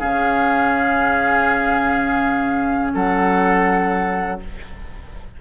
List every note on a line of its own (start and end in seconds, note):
0.00 2.95 C#3
0.00 4.39 C#4
0.00 2.93 G#4
0.00 2.93 F5
2.95 4.42 F#3
2.95 4.41 A4
2.95 4.41 F#5